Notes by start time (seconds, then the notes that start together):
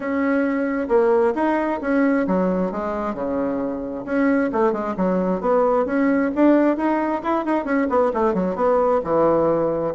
0.00 C#4
0.88 A#3
1.35 D#4
1.81 C#4
2.27 F#3
2.71 G#3
3.14 C#3
4.05 C#4
4.52 A3
4.72 G#3
4.96 F#3
5.40 B3
5.85 C#4
6.35 D4
6.77 D#4
7.23 E4
7.45 D#4
7.64 C#4
7.89 B3
8.13 A3
8.34 F#3
8.55 B3
9.04 E3